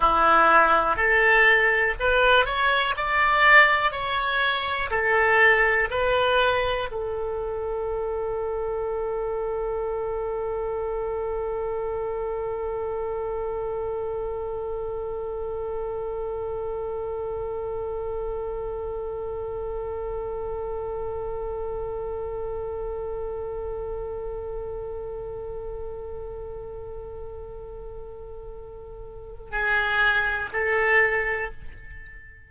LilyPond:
\new Staff \with { instrumentName = "oboe" } { \time 4/4 \tempo 4 = 61 e'4 a'4 b'8 cis''8 d''4 | cis''4 a'4 b'4 a'4~ | a'1~ | a'1~ |
a'1~ | a'1~ | a'1~ | a'2 gis'4 a'4 | }